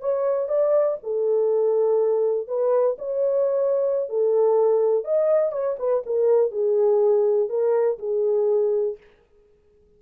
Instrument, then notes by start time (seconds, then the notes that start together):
horn
0.00 C#5
0.48 D5
1.03 A4
2.47 B4
2.98 C#5
4.09 A4
5.04 D#5
5.51 C#5
5.78 B4
6.06 A#4
6.51 G#4
7.49 A#4
7.99 G#4